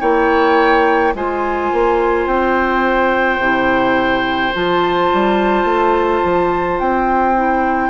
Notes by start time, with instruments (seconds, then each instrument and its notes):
0.00 bassoon A#3, clarinet E4, oboe C#5, flute G5
1.14 bassoon G#3, clarinet F4, oboe C5, flute G#5
1.73 bassoon A#3
2.26 bassoon C4, flute G5
3.38 bassoon C3, clarinet E4
4.54 bassoon F3, clarinet F4, flute A5
5.13 bassoon G3
5.64 bassoon A3
6.24 bassoon F3
6.79 bassoon C4, flute G5
7.36 clarinet E4